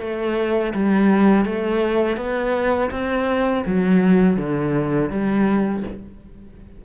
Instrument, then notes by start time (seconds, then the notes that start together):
cello
0.00 A3
0.74 G3
1.45 A3
2.17 B3
2.91 C4
3.66 F#3
4.37 D3
5.10 G3